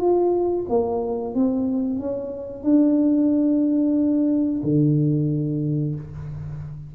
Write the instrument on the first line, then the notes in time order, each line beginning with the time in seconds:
tuba
0.00 F4
0.69 A#3
1.35 C4
2.00 C#4
2.63 D4
4.63 D3